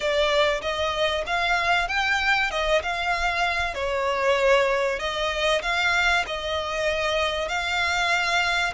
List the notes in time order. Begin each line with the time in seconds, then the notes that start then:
0.00 D5
0.61 D#5
1.26 F5
1.88 G5
2.51 D#5
2.82 F5
3.74 C#5
4.99 D#5
5.62 F5
6.26 D#5
7.48 F5